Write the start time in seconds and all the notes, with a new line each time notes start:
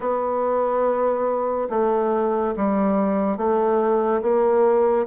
0.00 B3
1.69 A3
2.56 G3
3.37 A3
4.21 A#3